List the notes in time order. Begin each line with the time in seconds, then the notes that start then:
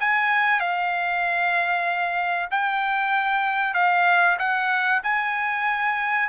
0.00 G#5
0.60 F5
2.51 G5
3.74 F5
4.39 F#5
5.03 G#5